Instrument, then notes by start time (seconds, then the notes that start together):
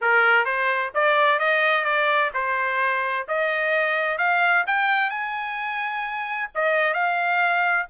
trumpet
0.01 A#4
0.45 C5
0.94 D5
1.39 D#5
1.84 D5
2.34 C5
3.27 D#5
4.18 F5
4.66 G5
5.10 G#5
6.54 D#5
6.93 F5